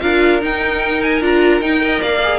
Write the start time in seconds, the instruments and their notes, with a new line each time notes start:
0.00 cello D4, viola F4, violin A#4 F5
0.41 viola D#4, cello D#4, violin G5
1.03 violin G#5
1.21 cello D4, viola F4, violin A#5
1.61 cello D#4, viola D#4, violin G5
1.80 viola A#4, violin D#5
2.01 cello A#3, violin D5 F5
2.23 viola G#4